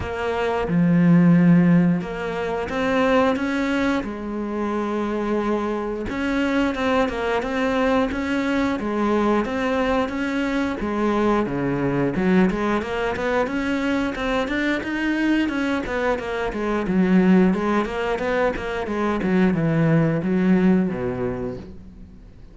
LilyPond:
\new Staff \with { instrumentName = "cello" } { \time 4/4 \tempo 4 = 89 ais4 f2 ais4 | c'4 cis'4 gis2~ | gis4 cis'4 c'8 ais8 c'4 | cis'4 gis4 c'4 cis'4 |
gis4 cis4 fis8 gis8 ais8 b8 | cis'4 c'8 d'8 dis'4 cis'8 b8 | ais8 gis8 fis4 gis8 ais8 b8 ais8 | gis8 fis8 e4 fis4 b,4 | }